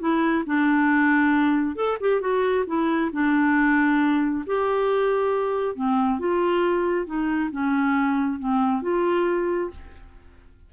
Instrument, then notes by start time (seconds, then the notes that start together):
clarinet
0.00 E4
0.46 D4
1.76 A4
2.01 G4
2.21 F#4
2.67 E4
3.12 D4
4.47 G4
5.75 C4
6.19 F4
7.06 D#4
7.52 C#4
8.40 C4
8.82 F4